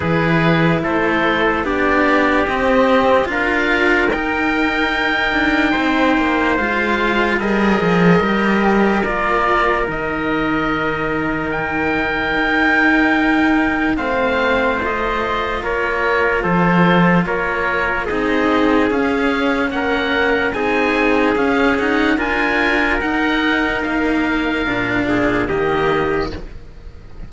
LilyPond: <<
  \new Staff \with { instrumentName = "oboe" } { \time 4/4 \tempo 4 = 73 b'4 c''4 d''4 dis''4 | f''4 g''2. | f''4 dis''2 d''4 | dis''2 g''2~ |
g''4 f''4 dis''4 cis''4 | c''4 cis''4 dis''4 f''4 | fis''4 gis''4 f''8 fis''8 gis''4 | fis''4 f''2 dis''4 | }
  \new Staff \with { instrumentName = "trumpet" } { \time 4/4 gis'4 a'4 g'2 | ais'2. c''4~ | c''4 ais'2.~ | ais'1~ |
ais'4 c''2 ais'4 | a'4 ais'4 gis'2 | ais'4 gis'2 ais'4~ | ais'2~ ais'8 gis'8 g'4 | }
  \new Staff \with { instrumentName = "cello" } { \time 4/4 e'2 d'4 c'4 | f'4 dis'2. | f'4 gis'4 g'4 f'4 | dis'1~ |
dis'4 c'4 f'2~ | f'2 dis'4 cis'4~ | cis'4 dis'4 cis'8 dis'8 f'4 | dis'2 d'4 ais4 | }
  \new Staff \with { instrumentName = "cello" } { \time 4/4 e4 a4 b4 c'4 | d'4 dis'4. d'8 c'8 ais8 | gis4 g8 f8 g4 ais4 | dis2. dis'4~ |
dis'4 a2 ais4 | f4 ais4 c'4 cis'4 | ais4 c'4 cis'4 d'4 | dis'4 ais4 ais,4 dis4 | }
>>